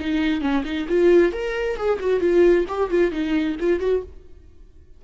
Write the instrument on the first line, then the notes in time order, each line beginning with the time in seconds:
viola
0.00 D#4
0.41 C#4
0.65 D#4
0.89 F4
1.33 A#4
1.77 G#4
2.00 F#4
2.20 F4
2.68 G4
2.90 F4
3.11 D#4
3.60 F4
3.80 F#4